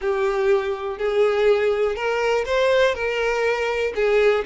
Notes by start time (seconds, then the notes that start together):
0.01 G4
0.98 G#4
1.95 A#4
2.45 C5
2.94 A#4
3.95 G#4